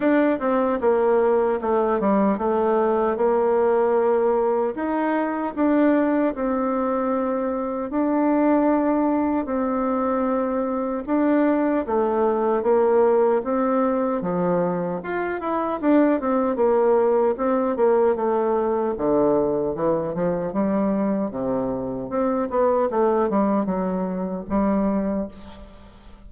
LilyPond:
\new Staff \with { instrumentName = "bassoon" } { \time 4/4 \tempo 4 = 76 d'8 c'8 ais4 a8 g8 a4 | ais2 dis'4 d'4 | c'2 d'2 | c'2 d'4 a4 |
ais4 c'4 f4 f'8 e'8 | d'8 c'8 ais4 c'8 ais8 a4 | d4 e8 f8 g4 c4 | c'8 b8 a8 g8 fis4 g4 | }